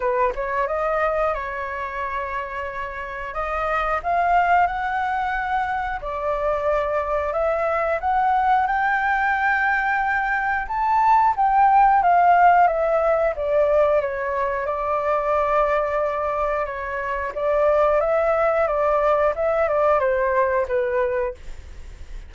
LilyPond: \new Staff \with { instrumentName = "flute" } { \time 4/4 \tempo 4 = 90 b'8 cis''8 dis''4 cis''2~ | cis''4 dis''4 f''4 fis''4~ | fis''4 d''2 e''4 | fis''4 g''2. |
a''4 g''4 f''4 e''4 | d''4 cis''4 d''2~ | d''4 cis''4 d''4 e''4 | d''4 e''8 d''8 c''4 b'4 | }